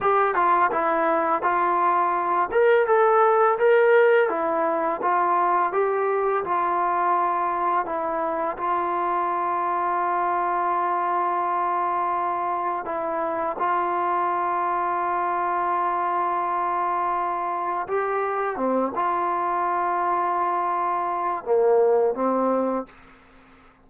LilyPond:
\new Staff \with { instrumentName = "trombone" } { \time 4/4 \tempo 4 = 84 g'8 f'8 e'4 f'4. ais'8 | a'4 ais'4 e'4 f'4 | g'4 f'2 e'4 | f'1~ |
f'2 e'4 f'4~ | f'1~ | f'4 g'4 c'8 f'4.~ | f'2 ais4 c'4 | }